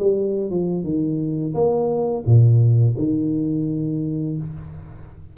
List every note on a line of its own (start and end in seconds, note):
0.00 0.51 G3
0.51 0.84 F3
0.84 1.54 D#3
1.54 2.24 A#3
2.26 2.96 A#2
2.98 4.38 D#3